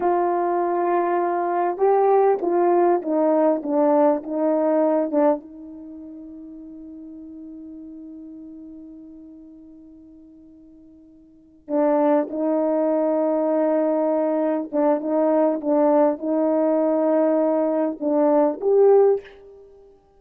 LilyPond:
\new Staff \with { instrumentName = "horn" } { \time 4/4 \tempo 4 = 100 f'2. g'4 | f'4 dis'4 d'4 dis'4~ | dis'8 d'8 dis'2.~ | dis'1~ |
dis'2.~ dis'8 d'8~ | d'8 dis'2.~ dis'8~ | dis'8 d'8 dis'4 d'4 dis'4~ | dis'2 d'4 g'4 | }